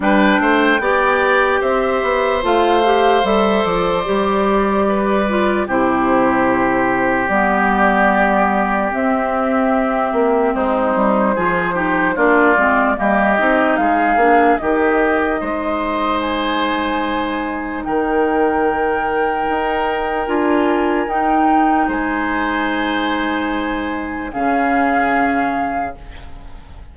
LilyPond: <<
  \new Staff \with { instrumentName = "flute" } { \time 4/4 \tempo 4 = 74 g''2 e''4 f''4 | e''8 d''2~ d''8 c''4~ | c''4 d''2 e''4~ | e''4 c''2 d''4 |
dis''4 f''4 dis''2 | gis''2 g''2~ | g''4 gis''4 g''4 gis''4~ | gis''2 f''2 | }
  \new Staff \with { instrumentName = "oboe" } { \time 4/4 b'8 c''8 d''4 c''2~ | c''2 b'4 g'4~ | g'1~ | g'4 dis'4 gis'8 g'8 f'4 |
g'4 gis'4 g'4 c''4~ | c''2 ais'2~ | ais'2. c''4~ | c''2 gis'2 | }
  \new Staff \with { instrumentName = "clarinet" } { \time 4/4 d'4 g'2 f'8 g'8 | a'4 g'4. f'8 e'4~ | e'4 b2 c'4~ | c'2 f'8 dis'8 d'8 c'8 |
ais8 dis'4 d'8 dis'2~ | dis'1~ | dis'4 f'4 dis'2~ | dis'2 cis'2 | }
  \new Staff \with { instrumentName = "bassoon" } { \time 4/4 g8 a8 b4 c'8 b8 a4 | g8 f8 g2 c4~ | c4 g2 c'4~ | c'8 ais8 gis8 g8 f4 ais8 gis8 |
g8 c'8 gis8 ais8 dis4 gis4~ | gis2 dis2 | dis'4 d'4 dis'4 gis4~ | gis2 cis2 | }
>>